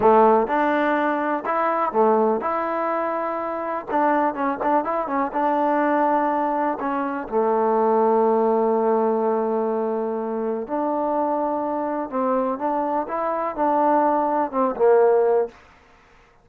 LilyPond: \new Staff \with { instrumentName = "trombone" } { \time 4/4 \tempo 4 = 124 a4 d'2 e'4 | a4 e'2. | d'4 cis'8 d'8 e'8 cis'8 d'4~ | d'2 cis'4 a4~ |
a1~ | a2 d'2~ | d'4 c'4 d'4 e'4 | d'2 c'8 ais4. | }